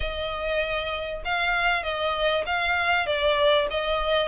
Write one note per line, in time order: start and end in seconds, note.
0.00 1.22 D#5
1.24 1.83 F5
1.83 2.44 D#5
2.46 3.06 F5
3.06 3.67 D5
3.70 4.27 D#5